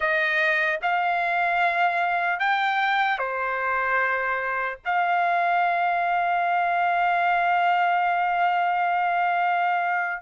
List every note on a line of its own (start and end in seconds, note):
0.00 0.79 D#5
0.81 2.39 F5
2.39 3.18 G5
3.18 4.78 C5
4.85 10.21 F5